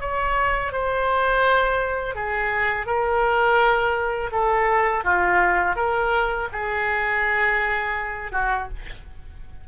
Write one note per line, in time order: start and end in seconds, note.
0.00 0.72 C#5
0.72 2.15 C5
2.15 2.86 G#4
2.86 4.30 A#4
4.31 5.04 A4
5.04 5.76 F4
5.76 6.48 A#4
6.52 8.32 G#4
8.32 8.68 F#4